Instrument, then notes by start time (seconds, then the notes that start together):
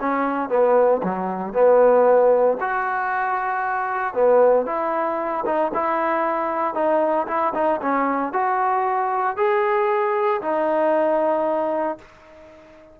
trombone
0.00 C#4
0.50 B3
1.03 F#3
1.53 B3
2.61 F#4
4.14 B3
4.66 E4
5.46 D#4
5.74 E4
6.75 D#4
7.27 E4
7.54 D#4
7.82 C#4
8.33 F#4
9.37 G#4
10.42 D#4